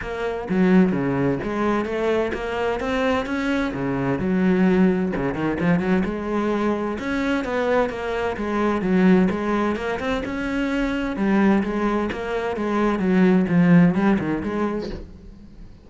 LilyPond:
\new Staff \with { instrumentName = "cello" } { \time 4/4 \tempo 4 = 129 ais4 fis4 cis4 gis4 | a4 ais4 c'4 cis'4 | cis4 fis2 cis8 dis8 | f8 fis8 gis2 cis'4 |
b4 ais4 gis4 fis4 | gis4 ais8 c'8 cis'2 | g4 gis4 ais4 gis4 | fis4 f4 g8 dis8 gis4 | }